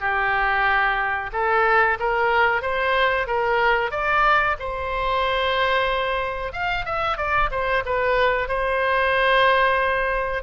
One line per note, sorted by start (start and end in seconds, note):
0.00 1.30 G4
1.33 1.98 A4
1.99 2.62 A#4
2.62 3.27 C5
3.27 3.91 A#4
3.91 4.56 D5
4.59 6.53 C5
6.53 6.85 F5
6.85 7.17 E5
7.17 7.50 D5
7.51 7.83 C5
7.86 8.48 B4
8.48 10.43 C5